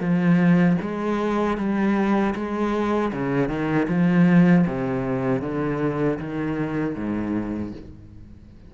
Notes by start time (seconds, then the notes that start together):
0.00 F3
0.81 G#3
1.57 G3
2.35 G#3
3.13 C#3
3.49 D#3
3.88 F3
4.67 C3
5.42 D3
6.19 D#3
6.95 G#2